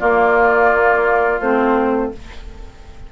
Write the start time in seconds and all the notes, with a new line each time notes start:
0.00 A#3 F4 D5
1.41 A3 C4 C5